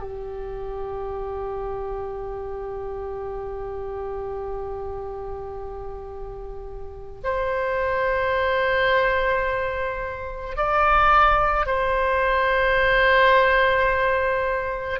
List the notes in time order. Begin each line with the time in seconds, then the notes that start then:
0.00 G4
7.24 C5
10.57 D5
11.67 C5